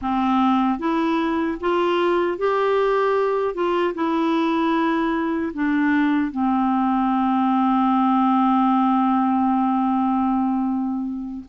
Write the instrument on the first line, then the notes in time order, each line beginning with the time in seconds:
clarinet
0.01 C4
0.79 E4
1.60 F4
2.38 G4
3.54 F4
3.94 E4
5.53 D4
6.31 C4